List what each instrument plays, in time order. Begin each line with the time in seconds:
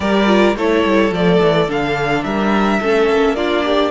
0.00 cello G3, viola G4, violin A#4 D5
0.26 viola F4
0.56 cello A3, viola E4, violin A4 C#5
0.84 cello G3
1.11 cello F3, viola A3, violin D5
1.41 cello E3
1.68 cello D3, viola D4, violin F5
2.23 cello G3, violin A#4 E5
2.80 cello A3, viola C#4, violin A4
3.08 cello A#3
3.35 viola D4, violin F4 D5
3.64 violin G4